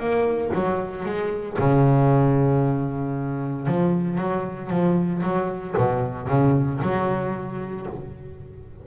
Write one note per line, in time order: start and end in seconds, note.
0.00 0.52 A#3
0.55 1.06 F#3
1.06 1.58 G#3
1.59 3.68 C#3
3.68 4.18 F3
4.18 4.70 F#3
4.70 5.22 F3
5.23 5.75 F#3
5.77 6.28 B2
6.28 6.80 C#3
6.82 7.87 F#3